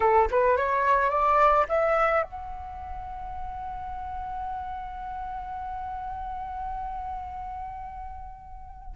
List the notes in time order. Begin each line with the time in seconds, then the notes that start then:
0.00 A4
0.30 B4
0.56 C#5
1.10 D5
1.68 E5
2.23 F#5